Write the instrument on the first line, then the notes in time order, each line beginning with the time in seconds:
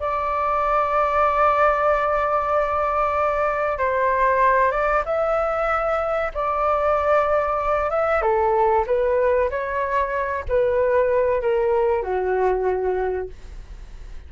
flute
0.00 D5
3.78 C5
4.72 D5
5.06 E5
6.34 D5
7.90 E5
8.22 A4
8.87 B4
9.50 C#5
10.49 B4
11.42 A#4
12.03 F#4